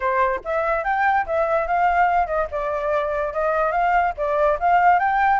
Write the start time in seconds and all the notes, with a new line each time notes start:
0.00 C5
0.44 E5
0.84 G5
1.26 E5
1.67 F5
2.26 D#5
2.51 D5
3.33 D#5
3.71 F5
4.17 D5
4.59 F5
4.99 G5